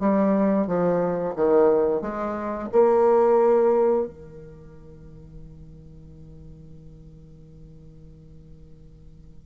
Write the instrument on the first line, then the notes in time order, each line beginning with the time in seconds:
bassoon
0.00 G3
0.67 F3
1.36 D#3
2.02 G#3
2.72 A#3
4.07 D#3